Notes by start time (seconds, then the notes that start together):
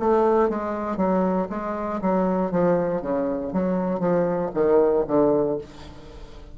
0.00 A3
0.49 G#3
0.97 F#3
1.50 G#3
2.02 F#3
2.51 F3
3.02 C#3
3.53 F#3
4.00 F3
4.54 D#3
5.08 D3